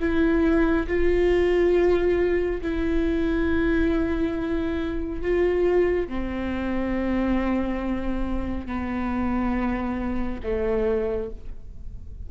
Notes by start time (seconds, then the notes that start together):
0.00 E4
0.88 F4
2.62 E4
5.22 F4
6.08 C4
8.67 B3
10.43 A3